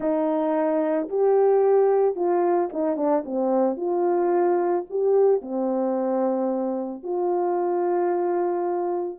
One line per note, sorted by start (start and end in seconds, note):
0.00 1.08 D#4
1.08 2.15 G4
2.15 2.69 F4
2.72 2.96 D#4
2.96 3.23 D4
3.25 3.77 C4
3.77 4.85 F4
4.90 5.41 G4
5.41 7.03 C4
7.03 9.19 F4